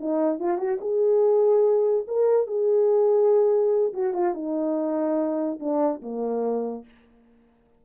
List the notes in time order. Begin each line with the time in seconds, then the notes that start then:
0.00 D#4
0.40 F4
0.58 F#4
0.81 G#4
2.08 A#4
2.47 G#4
3.94 F#4
4.14 F4
4.35 D#4
5.60 D4
6.02 A#3